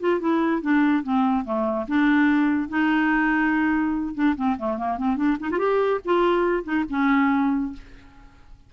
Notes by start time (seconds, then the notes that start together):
0.00 F4
0.20 E4
0.62 D4
1.03 C4
1.45 A3
1.88 D4
2.69 D#4
4.14 D4
4.36 C4
4.58 A3
4.78 A#3
4.98 C4
5.16 D4
5.40 D#4
5.51 F4
5.59 G4
6.05 F4
6.64 D#4
6.90 C#4